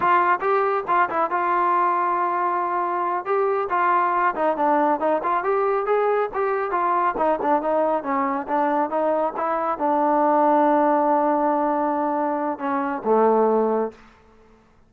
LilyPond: \new Staff \with { instrumentName = "trombone" } { \time 4/4 \tempo 4 = 138 f'4 g'4 f'8 e'8 f'4~ | f'2.~ f'8 g'8~ | g'8 f'4. dis'8 d'4 dis'8 | f'8 g'4 gis'4 g'4 f'8~ |
f'8 dis'8 d'8 dis'4 cis'4 d'8~ | d'8 dis'4 e'4 d'4.~ | d'1~ | d'4 cis'4 a2 | }